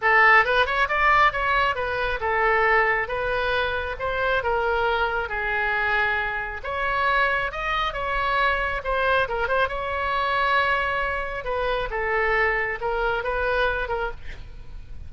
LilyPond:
\new Staff \with { instrumentName = "oboe" } { \time 4/4 \tempo 4 = 136 a'4 b'8 cis''8 d''4 cis''4 | b'4 a'2 b'4~ | b'4 c''4 ais'2 | gis'2. cis''4~ |
cis''4 dis''4 cis''2 | c''4 ais'8 c''8 cis''2~ | cis''2 b'4 a'4~ | a'4 ais'4 b'4. ais'8 | }